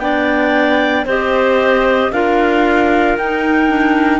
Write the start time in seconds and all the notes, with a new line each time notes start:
0.00 B3 D4 D5 G5
1.06 C4 G4 C5 D#5
2.12 D4 F4 A#4 F5
3.18 D#4 G5
3.69 D4